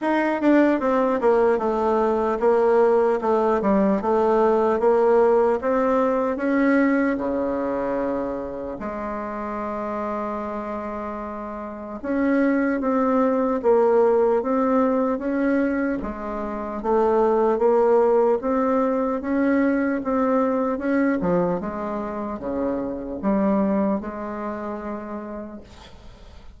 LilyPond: \new Staff \with { instrumentName = "bassoon" } { \time 4/4 \tempo 4 = 75 dis'8 d'8 c'8 ais8 a4 ais4 | a8 g8 a4 ais4 c'4 | cis'4 cis2 gis4~ | gis2. cis'4 |
c'4 ais4 c'4 cis'4 | gis4 a4 ais4 c'4 | cis'4 c'4 cis'8 f8 gis4 | cis4 g4 gis2 | }